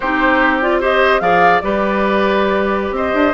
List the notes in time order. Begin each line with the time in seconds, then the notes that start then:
0.00 C4 D#4 G4 C5
0.62 F4 D5
0.80 G4 C5 D#5
1.20 F3 G#4 D5 F5
1.60 G3 G4 B4 D5
2.91 C4 C5 D#5
3.13 D4